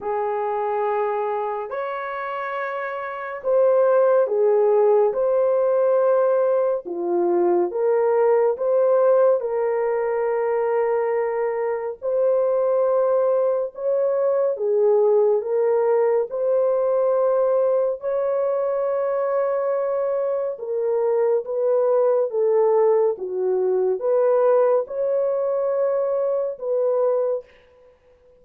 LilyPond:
\new Staff \with { instrumentName = "horn" } { \time 4/4 \tempo 4 = 70 gis'2 cis''2 | c''4 gis'4 c''2 | f'4 ais'4 c''4 ais'4~ | ais'2 c''2 |
cis''4 gis'4 ais'4 c''4~ | c''4 cis''2. | ais'4 b'4 a'4 fis'4 | b'4 cis''2 b'4 | }